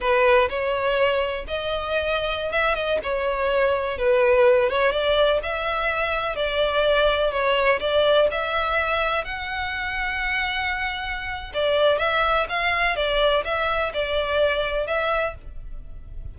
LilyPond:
\new Staff \with { instrumentName = "violin" } { \time 4/4 \tempo 4 = 125 b'4 cis''2 dis''4~ | dis''4~ dis''16 e''8 dis''8 cis''4.~ cis''16~ | cis''16 b'4. cis''8 d''4 e''8.~ | e''4~ e''16 d''2 cis''8.~ |
cis''16 d''4 e''2 fis''8.~ | fis''1 | d''4 e''4 f''4 d''4 | e''4 d''2 e''4 | }